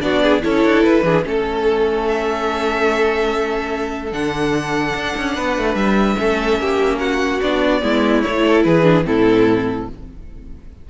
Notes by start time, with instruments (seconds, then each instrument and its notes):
0.00 cello B3, viola D4, violin F#4 D5
0.22 violin G#4
0.42 cello C#4, viola E4, violin A4 C#5
0.64 cello D4
0.83 cello E4, violin B4
1.03 cello E3, viola D4, violin G#4
1.23 cello A3, viola C#4, violin A4
2.07 violin E5
4.12 cello D3, viola D4, violin F#5
4.95 cello D4
5.17 cello C#4
5.34 cello B3, violin B4
5.57 cello A3
5.74 cello G3, violin E5
6.16 cello A3, viola C#4, violin A4
6.58 cello A#3, violin G4
6.99 violin F#4 F#5
7.41 cello B3, viola D4, violin D5
7.81 cello G#3, viola B3, violin E4
8.21 cello A3, viola E4, violin C#5
8.46 violin A4
8.63 cello E3, violin G#4 B4
8.83 viola D4
9.03 cello A2, viola C4, violin E4 A4